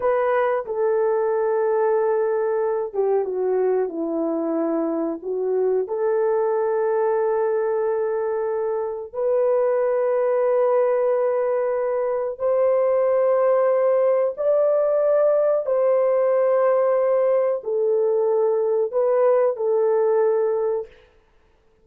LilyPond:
\new Staff \with { instrumentName = "horn" } { \time 4/4 \tempo 4 = 92 b'4 a'2.~ | a'8 g'8 fis'4 e'2 | fis'4 a'2.~ | a'2 b'2~ |
b'2. c''4~ | c''2 d''2 | c''2. a'4~ | a'4 b'4 a'2 | }